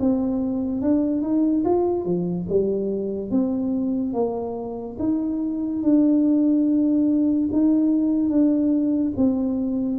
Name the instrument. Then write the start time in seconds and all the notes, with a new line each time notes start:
tuba
0.00 C4
0.81 D4
1.22 D#4
1.65 F4
2.05 F3
2.49 G3
3.31 C4
4.14 A#3
4.99 D#4
5.83 D4
7.52 D#4
8.30 D4
9.17 C4